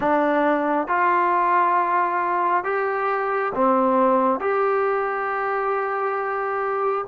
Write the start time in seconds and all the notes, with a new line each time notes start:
0.00 D4
0.87 F4
2.64 G4
3.55 C4
4.40 G4